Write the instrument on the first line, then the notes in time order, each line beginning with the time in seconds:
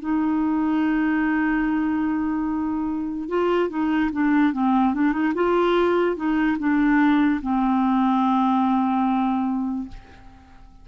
clarinet
0.00 D#4
3.29 F4
3.69 D#4
4.12 D4
4.54 C4
4.94 D4
5.13 D#4
5.35 F4
6.16 D#4
6.59 D4
7.42 C4